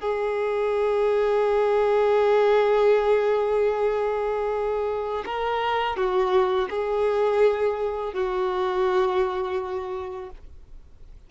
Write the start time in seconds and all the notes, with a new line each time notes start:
0.00 G#4
5.25 A#4
5.96 F#4
6.70 G#4
8.13 F#4